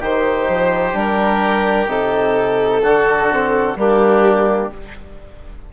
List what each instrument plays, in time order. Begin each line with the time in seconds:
0.00 bassoon D#3, trombone D#4, oboe G4, violin C5
0.48 bassoon F3
0.93 bassoon G3, trombone D4, violin A#4
1.87 bassoon C3, trombone D#4, violin A4
2.83 bassoon D3, trombone D4, oboe F#4
3.32 trombone C4
3.75 bassoon G3, trombone A#3, oboe D4, violin G4